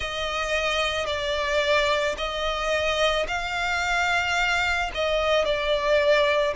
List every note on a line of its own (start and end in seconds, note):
0.00 1.06 D#5
1.06 2.15 D5
2.17 3.26 D#5
3.27 4.91 F5
4.94 5.44 D#5
5.44 6.54 D5